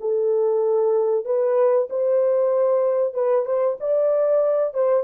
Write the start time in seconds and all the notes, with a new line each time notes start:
0.00 A4
1.25 B4
1.90 C5
3.14 B4
3.45 C5
3.80 D5
4.74 C5